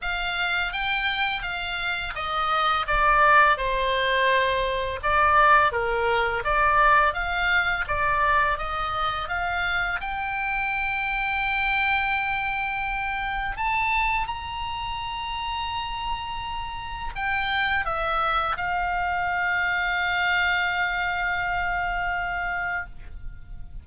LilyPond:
\new Staff \with { instrumentName = "oboe" } { \time 4/4 \tempo 4 = 84 f''4 g''4 f''4 dis''4 | d''4 c''2 d''4 | ais'4 d''4 f''4 d''4 | dis''4 f''4 g''2~ |
g''2. a''4 | ais''1 | g''4 e''4 f''2~ | f''1 | }